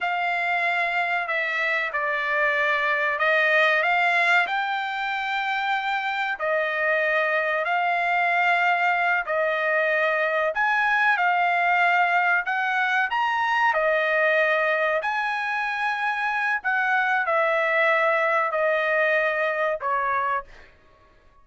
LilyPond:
\new Staff \with { instrumentName = "trumpet" } { \time 4/4 \tempo 4 = 94 f''2 e''4 d''4~ | d''4 dis''4 f''4 g''4~ | g''2 dis''2 | f''2~ f''8 dis''4.~ |
dis''8 gis''4 f''2 fis''8~ | fis''8 ais''4 dis''2 gis''8~ | gis''2 fis''4 e''4~ | e''4 dis''2 cis''4 | }